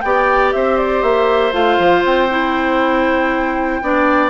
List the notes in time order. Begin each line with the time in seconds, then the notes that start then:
0.00 B3 G4 D5 G5
0.52 C4 C5 E5
0.77 D5
1.02 A#3 E5
1.52 A3 F4 F5
1.78 F3
2.04 C4 G5
2.30 E4
3.82 B3 D4 D5